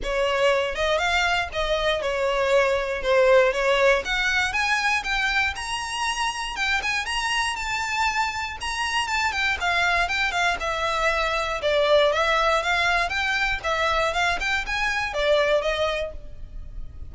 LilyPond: \new Staff \with { instrumentName = "violin" } { \time 4/4 \tempo 4 = 119 cis''4. dis''8 f''4 dis''4 | cis''2 c''4 cis''4 | fis''4 gis''4 g''4 ais''4~ | ais''4 g''8 gis''8 ais''4 a''4~ |
a''4 ais''4 a''8 g''8 f''4 | g''8 f''8 e''2 d''4 | e''4 f''4 g''4 e''4 | f''8 g''8 gis''4 d''4 dis''4 | }